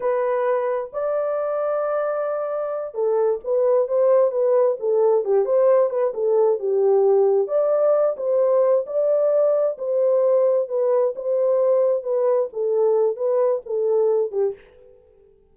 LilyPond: \new Staff \with { instrumentName = "horn" } { \time 4/4 \tempo 4 = 132 b'2 d''2~ | d''2~ d''8 a'4 b'8~ | b'8 c''4 b'4 a'4 g'8 | c''4 b'8 a'4 g'4.~ |
g'8 d''4. c''4. d''8~ | d''4. c''2 b'8~ | b'8 c''2 b'4 a'8~ | a'4 b'4 a'4. g'8 | }